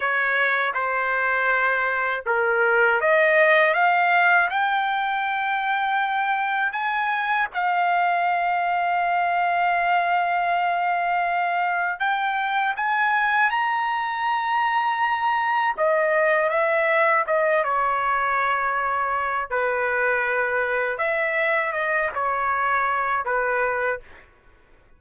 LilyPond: \new Staff \with { instrumentName = "trumpet" } { \time 4/4 \tempo 4 = 80 cis''4 c''2 ais'4 | dis''4 f''4 g''2~ | g''4 gis''4 f''2~ | f''1 |
g''4 gis''4 ais''2~ | ais''4 dis''4 e''4 dis''8 cis''8~ | cis''2 b'2 | e''4 dis''8 cis''4. b'4 | }